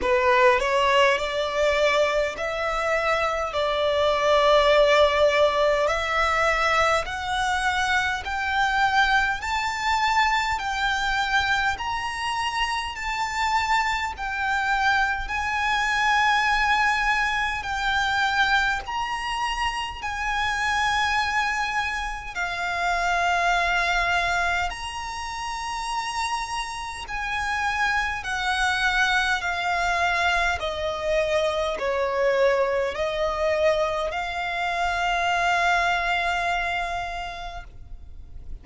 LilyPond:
\new Staff \with { instrumentName = "violin" } { \time 4/4 \tempo 4 = 51 b'8 cis''8 d''4 e''4 d''4~ | d''4 e''4 fis''4 g''4 | a''4 g''4 ais''4 a''4 | g''4 gis''2 g''4 |
ais''4 gis''2 f''4~ | f''4 ais''2 gis''4 | fis''4 f''4 dis''4 cis''4 | dis''4 f''2. | }